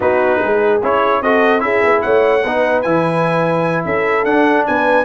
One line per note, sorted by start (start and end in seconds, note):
0.00 0.41 B3
0.00 0.81 D#4
0.00 0.39 F#4
0.00 0.81 B4
0.39 0.82 G#3
0.39 1.20 G#4
0.82 1.21 C#4
0.82 1.23 E4
0.82 1.22 C#5
1.21 1.61 C4
1.21 1.59 F#4
1.21 1.62 A4
1.21 1.60 D#5
1.59 1.81 C#4
1.59 2.41 E4
1.59 2.03 G#4
1.59 2.00 E5
1.83 2.03 B3
2.01 2.44 A3
2.01 2.43 C#5
2.01 2.82 F#5
2.43 2.85 B3
2.43 2.84 D#4
2.43 3.85 B4
2.82 3.85 E3
2.82 4.26 E4
2.82 3.83 G#5
3.85 4.24 C#4
3.85 4.66 A4
3.85 4.24 E5
4.24 4.65 D4
4.24 5.05 D4
4.24 4.65 F#5
4.66 5.05 B3
4.66 5.05 B4
4.66 5.05 G#5